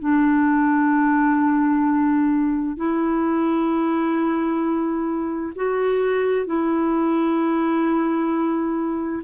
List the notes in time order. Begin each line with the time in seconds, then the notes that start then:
0.00 D4
2.77 E4
5.56 F#4
6.46 E4